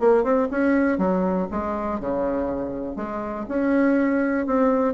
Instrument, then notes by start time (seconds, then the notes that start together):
bassoon
0.00 A#3
0.24 C4
0.51 C#4
0.98 F#3
1.51 G#3
2.00 C#3
2.96 G#3
3.49 C#4
4.47 C4